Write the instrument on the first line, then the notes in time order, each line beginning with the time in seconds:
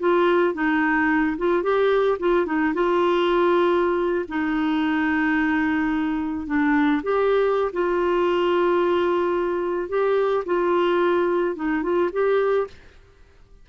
clarinet
0.00 F4
0.54 D#4
1.38 F4
1.63 G4
2.19 F4
2.46 D#4
2.74 F4
4.29 D#4
6.47 D4
7.03 G4
7.73 F4
9.89 G4
10.46 F4
11.56 D#4
11.83 F4
12.13 G4